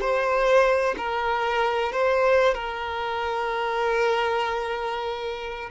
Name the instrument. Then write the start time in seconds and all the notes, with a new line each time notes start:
violin
0.00 C5
0.97 A#4
1.92 C5
2.54 A#4